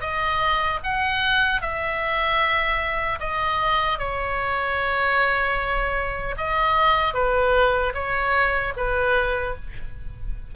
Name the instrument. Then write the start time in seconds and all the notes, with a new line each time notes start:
oboe
0.00 D#5
0.83 F#5
1.61 E5
3.19 D#5
3.98 C#5
6.37 D#5
7.13 B4
7.94 C#5
8.76 B4